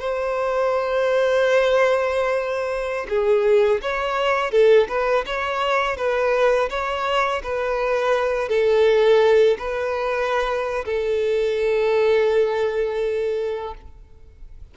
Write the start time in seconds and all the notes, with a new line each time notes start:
0.00 C5
3.10 G#4
3.82 C#5
4.52 A4
4.89 B4
5.26 C#5
5.97 B4
6.70 C#5
7.44 B4
8.49 A4
9.59 B4
10.86 A4